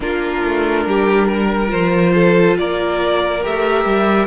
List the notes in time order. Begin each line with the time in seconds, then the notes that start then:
0.00 A#3 D4 F4 A#4
0.44 A3
0.86 G3 G4
1.27 A#4
1.67 F3 F4 C5
2.14 A4
2.57 A#3 A#4 D5
3.41 A3 G4 E5
3.85 G3